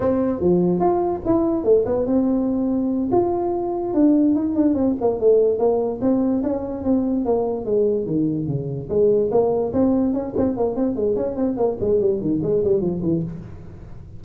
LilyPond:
\new Staff \with { instrumentName = "tuba" } { \time 4/4 \tempo 4 = 145 c'4 f4 f'4 e'4 | a8 b8 c'2~ c'8 f'8~ | f'4. d'4 dis'8 d'8 c'8 | ais8 a4 ais4 c'4 cis'8~ |
cis'8 c'4 ais4 gis4 dis8~ | dis8 cis4 gis4 ais4 c'8~ | c'8 cis'8 c'8 ais8 c'8 gis8 cis'8 c'8 | ais8 gis8 g8 dis8 gis8 g8 f8 e8 | }